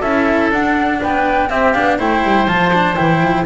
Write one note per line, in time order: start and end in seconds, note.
0.00 0.51 C#4
0.00 0.52 E4
0.00 0.98 A4
0.00 0.51 E5
0.51 1.00 D4
0.51 1.50 D4
0.51 1.01 F#5
1.01 1.50 B3
1.01 1.49 B4
1.01 1.50 G5
1.49 1.74 C4
1.49 1.98 G4
1.49 1.73 E5
1.73 2.00 B3
1.73 1.99 D4
1.73 1.97 F5
1.98 2.23 A3
1.98 2.47 E4
1.98 3.45 C5
1.98 2.48 G5
2.23 2.47 G3
2.47 2.97 F3
2.47 2.72 F4
2.47 2.96 A5
2.73 2.96 D4
2.96 3.21 E3
2.96 3.45 E4
2.96 3.45 G5
3.21 3.45 F3